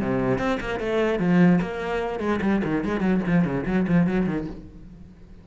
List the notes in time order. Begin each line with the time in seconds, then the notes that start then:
0.00 C3
0.38 C4
0.60 A#3
0.79 A3
1.19 F3
1.61 A#3
2.19 G#3
2.41 G3
2.64 D#3
2.84 G#3
3.00 F#3
3.27 F3
3.44 C#3
3.66 F#3
3.87 F3
4.07 F#3
4.26 D#3